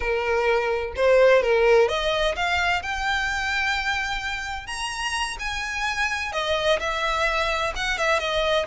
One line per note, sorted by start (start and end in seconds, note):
0.00 0.93 A#4
0.95 1.42 C5
1.42 1.88 A#4
1.88 2.35 D#5
2.36 2.82 F5
2.82 4.66 G5
4.66 5.37 A#5
5.39 6.32 G#5
6.32 6.79 D#5
6.79 7.73 E5
7.75 7.98 F#5
7.98 8.19 E5
8.19 8.66 D#5